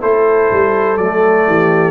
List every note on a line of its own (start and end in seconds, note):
0.00 0.51 A3
0.00 0.97 E4
0.00 1.46 A4
0.00 0.97 C5
0.52 0.98 G3
0.97 1.46 F#3
0.97 1.91 A3
0.97 1.91 D5
1.47 1.91 E3
1.47 1.91 G4